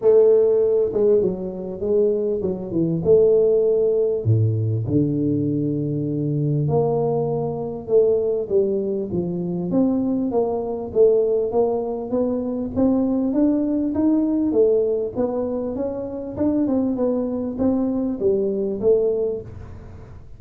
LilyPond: \new Staff \with { instrumentName = "tuba" } { \time 4/4 \tempo 4 = 99 a4. gis8 fis4 gis4 | fis8 e8 a2 a,4 | d2. ais4~ | ais4 a4 g4 f4 |
c'4 ais4 a4 ais4 | b4 c'4 d'4 dis'4 | a4 b4 cis'4 d'8 c'8 | b4 c'4 g4 a4 | }